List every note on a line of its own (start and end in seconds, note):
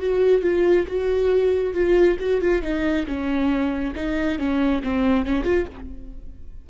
0.00 0.43 F#4
0.43 0.87 F4
0.87 1.74 F#4
1.74 2.18 F4
2.20 2.42 F#4
2.42 2.63 F4
2.63 3.07 D#4
3.07 3.95 C#4
3.96 4.39 D#4
4.39 4.83 C#4
4.83 5.26 C4
5.26 5.44 C#4
5.44 5.66 F4